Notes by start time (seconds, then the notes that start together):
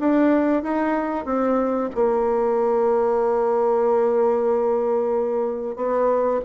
0.00 D4
0.63 D#4
1.26 C4
1.95 A#3
5.76 B3